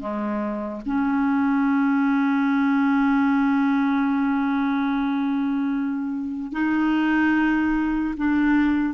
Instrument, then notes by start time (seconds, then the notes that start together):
clarinet
0.00 G#3
0.86 C#4
6.53 D#4
8.17 D4